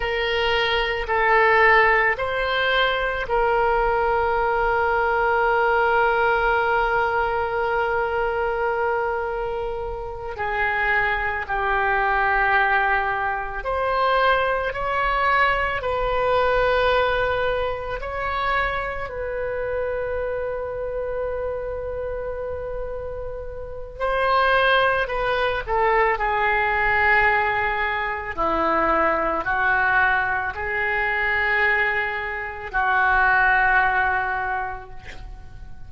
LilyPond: \new Staff \with { instrumentName = "oboe" } { \time 4/4 \tempo 4 = 55 ais'4 a'4 c''4 ais'4~ | ais'1~ | ais'4. gis'4 g'4.~ | g'8 c''4 cis''4 b'4.~ |
b'8 cis''4 b'2~ b'8~ | b'2 c''4 b'8 a'8 | gis'2 e'4 fis'4 | gis'2 fis'2 | }